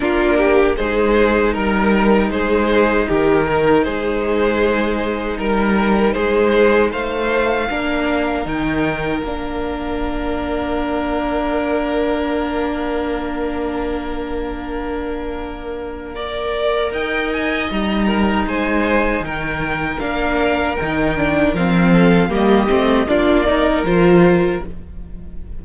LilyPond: <<
  \new Staff \with { instrumentName = "violin" } { \time 4/4 \tempo 4 = 78 ais'4 c''4 ais'4 c''4 | ais'4 c''2 ais'4 | c''4 f''2 g''4 | f''1~ |
f''1~ | f''2 g''8 gis''8 ais''4 | gis''4 g''4 f''4 g''4 | f''4 dis''4 d''4 c''4 | }
  \new Staff \with { instrumentName = "violin" } { \time 4/4 f'8 g'8 gis'4 ais'4 gis'4 | g'8 ais'8 gis'2 ais'4 | gis'4 c''4 ais'2~ | ais'1~ |
ais'1~ | ais'4 d''4 dis''4. ais'8 | c''4 ais'2.~ | ais'8 a'8 g'4 f'8 ais'4. | }
  \new Staff \with { instrumentName = "viola" } { \time 4/4 d'4 dis'2.~ | dis'1~ | dis'2 d'4 dis'4 | d'1~ |
d'1~ | d'4 ais'2 dis'4~ | dis'2 d'4 dis'8 d'8 | c'4 ais8 c'8 d'8 dis'8 f'4 | }
  \new Staff \with { instrumentName = "cello" } { \time 4/4 ais4 gis4 g4 gis4 | dis4 gis2 g4 | gis4 a4 ais4 dis4 | ais1~ |
ais1~ | ais2 dis'4 g4 | gis4 dis4 ais4 dis4 | f4 g8 a8 ais4 f4 | }
>>